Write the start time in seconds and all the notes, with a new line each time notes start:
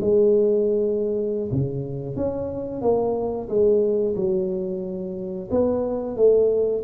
0.00 G#3
1.52 C#3
2.15 C#4
2.82 A#3
3.48 G#3
4.15 F#3
5.51 B3
6.16 A3